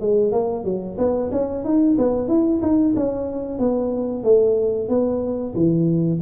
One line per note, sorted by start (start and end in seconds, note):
0.00 0.31 G#3
0.31 0.64 A#3
0.64 0.97 F#3
0.98 1.30 B3
1.31 1.64 C#4
1.64 1.97 D#4
1.98 2.28 B3
2.28 2.60 E4
2.61 2.94 D#4
2.96 3.58 C#4
3.58 4.23 B3
4.23 4.89 A3
4.89 5.54 B3
5.55 6.20 E3